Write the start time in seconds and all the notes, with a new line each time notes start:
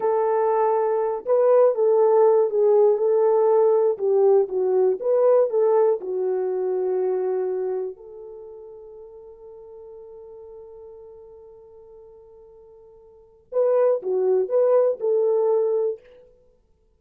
0.00 A4
1.25 B4
1.75 A4
2.50 G#4
2.97 A4
3.97 G4
4.48 F#4
5.00 B4
5.50 A4
6.00 F#4
7.96 A4
13.51 B4
14.02 F#4
14.48 B4
15.00 A4